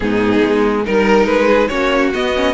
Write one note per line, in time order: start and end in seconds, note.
0.00 0.43 G#2
0.00 0.82 B3
0.00 0.84 D#4
0.00 0.85 G#4
0.43 0.86 G#3
0.84 1.26 G3
0.84 1.69 D#4
0.84 1.47 A#4
0.84 1.26 A#4
1.26 1.69 G#3
1.26 1.67 B4
1.47 1.69 G#4
1.67 2.13 A#3
1.67 2.12 C#4
1.67 2.53 F#4
1.67 2.10 C#5
2.13 2.35 B3
2.13 2.53 B3
2.13 2.53 D#5
2.35 2.53 C#4